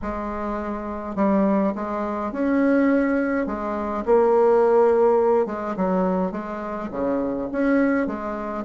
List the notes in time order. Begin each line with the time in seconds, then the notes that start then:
0.02 G#3
1.15 G3
1.75 G#3
2.32 C#4
3.46 G#3
4.05 A#3
5.46 G#3
5.76 F#3
6.31 G#3
6.91 C#3
7.52 C#4
8.06 G#3